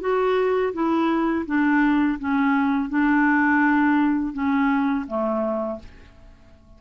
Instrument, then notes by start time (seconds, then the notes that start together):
clarinet
0.00 F#4
0.73 E4
1.46 D4
2.19 C#4
2.89 D4
4.33 C#4
5.07 A3